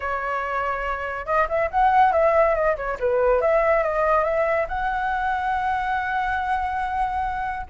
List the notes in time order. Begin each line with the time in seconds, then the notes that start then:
0.00 C#5
1.26 D#5
1.49 E5
1.70 F#5
2.12 E5
2.54 D#5
2.76 C#5
2.99 B4
3.41 E5
3.83 D#5
4.23 E5
4.68 F#5